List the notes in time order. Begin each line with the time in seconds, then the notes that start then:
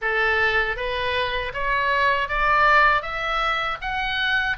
0.01 A4
0.76 B4
1.53 C#5
2.28 D5
3.01 E5
3.81 F#5